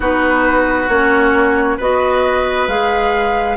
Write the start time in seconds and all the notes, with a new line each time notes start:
0.00 B3 D#4 F#4 B4
0.88 A#3 C#4 C#5
1.77 B3 F#4 B4 D#5
2.67 G#3 G#4 F5